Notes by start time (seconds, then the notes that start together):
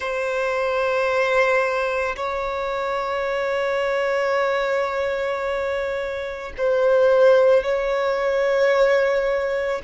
0.00 C5
2.16 C#5
6.57 C5
7.63 C#5